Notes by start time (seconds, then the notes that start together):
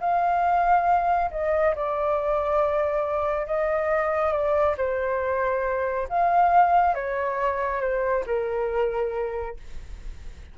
0.00 F5
1.31 D#5
1.75 D5
3.46 D#5
4.32 D5
4.77 C5
6.09 F5
6.94 C#5
7.81 C5
8.26 A#4